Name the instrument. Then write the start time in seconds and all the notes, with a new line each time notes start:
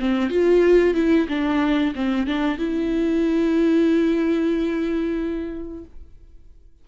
viola
0.00 C4
0.30 F4
0.95 E4
1.29 D4
1.96 C4
2.27 D4
2.58 E4